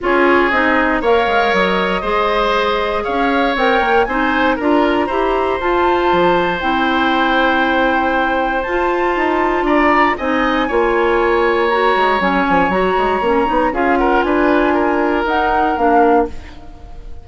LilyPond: <<
  \new Staff \with { instrumentName = "flute" } { \time 4/4 \tempo 4 = 118 cis''4 dis''4 f''4 dis''4~ | dis''2 f''4 g''4 | gis''4 ais''2 a''4~ | a''4 g''2.~ |
g''4 a''2 ais''4 | gis''2. ais''4 | gis''4 ais''2 f''8 fis''8 | gis''2 fis''4 f''4 | }
  \new Staff \with { instrumentName = "oboe" } { \time 4/4 gis'2 cis''2 | c''2 cis''2 | c''4 ais'4 c''2~ | c''1~ |
c''2. d''4 | dis''4 cis''2.~ | cis''2. gis'8 ais'8 | b'4 ais'2. | }
  \new Staff \with { instrumentName = "clarinet" } { \time 4/4 f'4 dis'4 ais'2 | gis'2. ais'4 | dis'4 f'4 g'4 f'4~ | f'4 e'2.~ |
e'4 f'2. | dis'4 f'2 fis'4 | cis'4 fis'4 cis'8 dis'8 f'4~ | f'2 dis'4 d'4 | }
  \new Staff \with { instrumentName = "bassoon" } { \time 4/4 cis'4 c'4 ais8 gis8 fis4 | gis2 cis'4 c'8 ais8 | c'4 d'4 e'4 f'4 | f4 c'2.~ |
c'4 f'4 dis'4 d'4 | c'4 ais2~ ais8 gis8 | fis8 f8 fis8 gis8 ais8 b8 cis'4 | d'2 dis'4 ais4 | }
>>